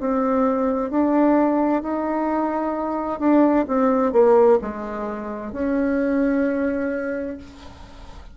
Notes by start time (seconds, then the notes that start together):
0.00 C4
0.91 D4
1.83 D#4
3.20 D4
3.68 C4
4.13 A#3
4.62 G#3
5.53 C#4